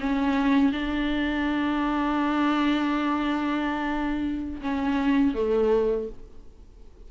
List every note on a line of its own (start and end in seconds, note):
0.00 0.72 C#4
0.72 4.61 D4
4.61 5.35 C#4
5.35 6.09 A3